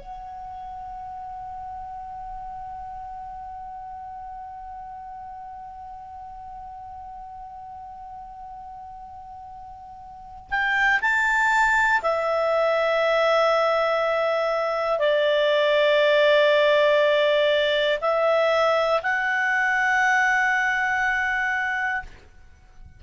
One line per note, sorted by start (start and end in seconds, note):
0.00 10.50 F#5
10.50 11.00 G5
11.01 12.01 A5
12.02 14.99 E5
14.99 17.99 D5
18.01 19.01 E5
19.02 22.02 F#5